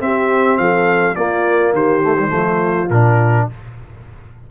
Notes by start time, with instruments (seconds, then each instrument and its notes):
0.00 trombone C4, tuba C4, horn G4, trumpet E5
0.58 tuba F3, horn A4, trumpet F5
1.15 trombone A#3, tuba A#3, horn F4, trumpet D5
1.73 tuba D#3, horn G4, trumpet C5
2.03 trombone A3
2.19 trombone G3
2.28 tuba F3, trombone A3, horn F4
2.90 tuba A#2, trombone D4, trumpet A#4